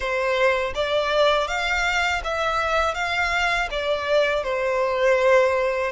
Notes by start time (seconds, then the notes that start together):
0.00 C5
0.74 D5
1.47 F5
2.24 E5
2.94 F5
3.70 D5
4.43 C5